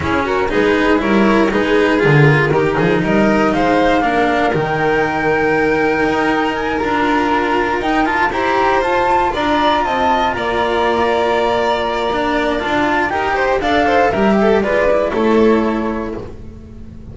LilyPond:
<<
  \new Staff \with { instrumentName = "flute" } { \time 4/4 \tempo 4 = 119 gis'8 ais'8 b'4 cis''4 b'4 | ais'2 dis''4 f''4~ | f''4 g''2.~ | g''4 gis''8 ais''2 g''8 |
a''8 ais''4 a''4 ais''4 a''8~ | a''8 ais''2.~ ais''8~ | ais''4 a''4 g''4 f''4 | e''4 d''4 cis''2 | }
  \new Staff \with { instrumentName = "violin" } { \time 4/4 e'8 fis'8 gis'4 ais'4 gis'4~ | gis'4 g'8 gis'8 ais'4 c''4 | ais'1~ | ais'1~ |
ais'8 c''2 d''4 dis''8~ | dis''8 d''2.~ d''8~ | d''2 ais'8 c''8 d''8 c''8 | ais'8 a'8 b'4 a'2 | }
  \new Staff \with { instrumentName = "cello" } { \time 4/4 cis'4 dis'4 e'4 dis'4 | f'4 dis'2. | d'4 dis'2.~ | dis'4. f'2 dis'8 |
f'8 g'4 f'2~ f'8~ | f'1 | d'4 f'4 g'4 a'4 | g'4 f'8 e'2~ e'8 | }
  \new Staff \with { instrumentName = "double bass" } { \time 4/4 cis'4 gis4 g4 gis4 | d4 dis8 f8 g4 gis4 | ais4 dis2. | dis'4. d'2 dis'8~ |
dis'8 e'4 f'4 d'4 c'8~ | c'8 ais2.~ ais8~ | ais4 d'4 dis'4 d'4 | g4 gis4 a2 | }
>>